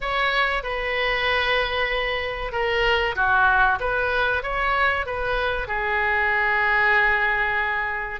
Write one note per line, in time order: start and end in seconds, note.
0.00 0.63 C#5
0.63 2.51 B4
2.51 3.15 A#4
3.15 3.78 F#4
3.80 4.42 B4
4.42 5.06 C#5
5.06 5.67 B4
5.67 8.20 G#4